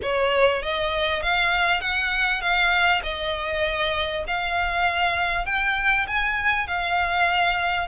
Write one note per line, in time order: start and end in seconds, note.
0.02 0.62 C#5
0.62 1.22 D#5
1.22 1.80 F5
1.80 2.41 F#5
2.41 3.01 F5
3.03 4.24 D#5
4.27 5.45 F5
5.45 6.06 G5
6.07 6.67 G#5
6.67 7.87 F5